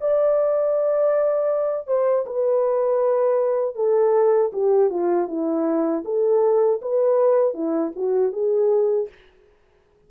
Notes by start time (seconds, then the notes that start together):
0.00 D5
1.87 C5
2.26 B4
3.75 A4
4.53 G4
4.90 F4
5.28 E4
6.04 A4
6.81 B4
7.54 E4
7.95 F#4
8.32 G#4